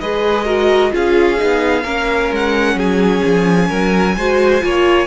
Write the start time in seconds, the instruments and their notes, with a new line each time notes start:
0.00 cello G#3, viola G#4, violin B4 D#5
0.45 viola F#4, violin A#4
0.91 cello C#4, viola F4, violin G#4 F5
1.37 cello B3, viola D#4
1.84 cello A#3, viola C#4, violin A#4
2.31 cello G#3, violin F#5
2.75 cello F#3, violin G#4 G#5
3.24 cello F3
3.69 cello F#3, violin A#4
4.17 cello G#3, viola F#4, violin C5
4.61 cello A#3, viola F4, violin C#5